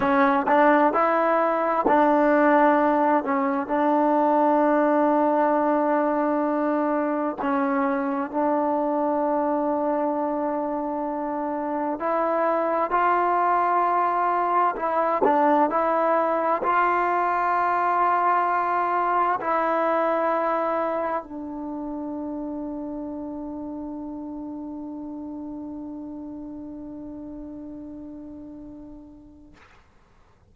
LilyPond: \new Staff \with { instrumentName = "trombone" } { \time 4/4 \tempo 4 = 65 cis'8 d'8 e'4 d'4. cis'8 | d'1 | cis'4 d'2.~ | d'4 e'4 f'2 |
e'8 d'8 e'4 f'2~ | f'4 e'2 d'4~ | d'1~ | d'1 | }